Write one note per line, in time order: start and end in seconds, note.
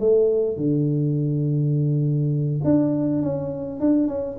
0.00 0.57 A3
0.57 2.61 D3
2.64 3.22 D4
3.22 3.80 C#4
3.80 4.08 D4
4.08 4.37 C#4